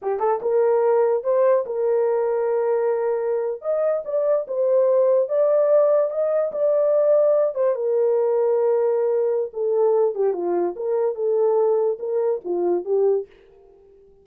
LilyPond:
\new Staff \with { instrumentName = "horn" } { \time 4/4 \tempo 4 = 145 g'8 a'8 ais'2 c''4 | ais'1~ | ais'8. dis''4 d''4 c''4~ c''16~ | c''8. d''2 dis''4 d''16~ |
d''2~ d''16 c''8 ais'4~ ais'16~ | ais'2. a'4~ | a'8 g'8 f'4 ais'4 a'4~ | a'4 ais'4 f'4 g'4 | }